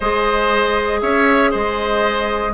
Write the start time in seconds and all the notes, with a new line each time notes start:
0.00 G#3 G#4 C5 D#5
1.01 C#4 C#5 E5
1.50 G#3 C5 D#5